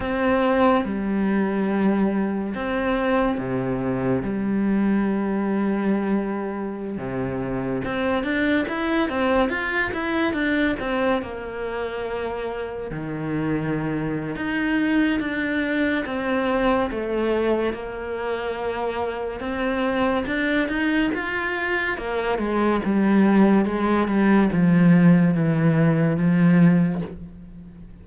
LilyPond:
\new Staff \with { instrumentName = "cello" } { \time 4/4 \tempo 4 = 71 c'4 g2 c'4 | c4 g2.~ | g16 c4 c'8 d'8 e'8 c'8 f'8 e'16~ | e'16 d'8 c'8 ais2 dis8.~ |
dis4 dis'4 d'4 c'4 | a4 ais2 c'4 | d'8 dis'8 f'4 ais8 gis8 g4 | gis8 g8 f4 e4 f4 | }